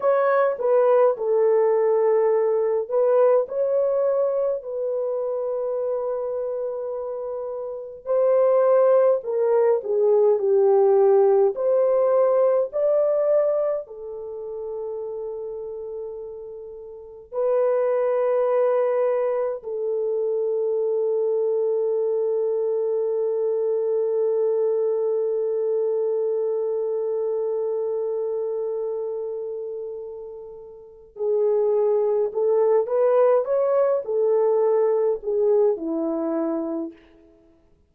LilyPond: \new Staff \with { instrumentName = "horn" } { \time 4/4 \tempo 4 = 52 cis''8 b'8 a'4. b'8 cis''4 | b'2. c''4 | ais'8 gis'8 g'4 c''4 d''4 | a'2. b'4~ |
b'4 a'2.~ | a'1~ | a'2. gis'4 | a'8 b'8 cis''8 a'4 gis'8 e'4 | }